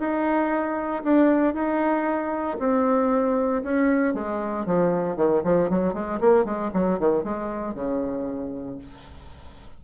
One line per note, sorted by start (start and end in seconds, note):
0.00 1.03 D#4
1.04 1.54 D4
1.54 2.58 D#4
2.60 3.63 C4
3.63 4.14 C#4
4.14 4.66 G#3
4.66 5.16 F3
5.16 5.42 D#3
5.44 5.70 F3
5.70 5.94 F#3
5.94 6.20 G#3
6.20 6.45 A#3
6.45 6.71 G#3
6.74 6.99 F#3
6.99 7.24 D#3
7.24 7.75 G#3
7.75 8.78 C#3